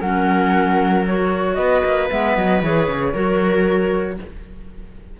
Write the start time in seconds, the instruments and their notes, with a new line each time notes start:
0.00 cello F#3, clarinet C#4, viola A#4, flute F#5
1.07 clarinet F#4, flute C#5
1.55 cello B3, viola B4, flute D#5
1.84 cello A#3
2.09 cello G#3, clarinet B3, flute E5
2.36 cello F#3, flute D#5
2.62 cello E3, clarinet G#4, flute C#5
2.88 cello C#3
3.13 cello F#3, clarinet F#4, viola A#4